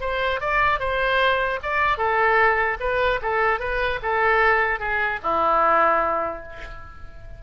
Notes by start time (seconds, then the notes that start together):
0.00 C5
0.40 D5
0.79 C5
1.63 D5
1.97 A4
2.80 B4
3.22 A4
3.59 B4
4.02 A4
4.79 G#4
5.23 E4